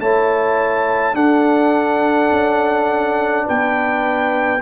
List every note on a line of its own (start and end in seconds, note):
0.00 1.14 A3
0.00 1.13 E4
0.00 1.14 C#5
0.00 1.15 A5
1.13 4.59 D4
1.13 2.30 D4
1.13 3.45 A4
1.13 3.46 F#5
2.31 3.46 C#4
3.45 4.62 B3
3.45 4.61 B4
3.45 4.62 G5